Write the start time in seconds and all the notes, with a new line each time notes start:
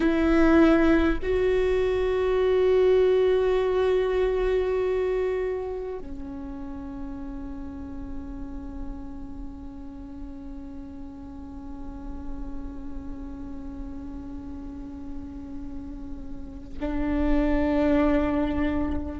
0.00 E4
1.22 F#4
5.98 C#4
16.80 D4